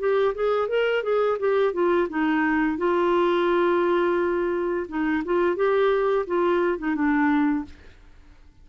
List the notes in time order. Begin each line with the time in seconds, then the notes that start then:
0.00 G4
0.35 G#4
0.69 A#4
1.04 G#4
1.40 G4
1.74 F4
2.10 D#4
2.78 F4
4.89 D#4
5.25 F4
5.56 G4
6.27 F4
6.79 D#4
6.96 D4